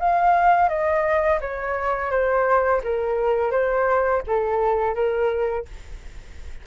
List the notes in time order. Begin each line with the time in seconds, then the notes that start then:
0.00 F5
0.69 D#5
1.41 C#5
2.11 C5
2.84 A#4
3.52 C5
4.27 A4
4.95 A#4